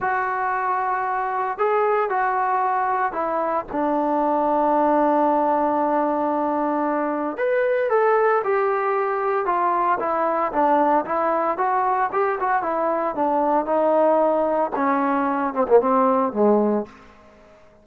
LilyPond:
\new Staff \with { instrumentName = "trombone" } { \time 4/4 \tempo 4 = 114 fis'2. gis'4 | fis'2 e'4 d'4~ | d'1~ | d'2 b'4 a'4 |
g'2 f'4 e'4 | d'4 e'4 fis'4 g'8 fis'8 | e'4 d'4 dis'2 | cis'4. c'16 ais16 c'4 gis4 | }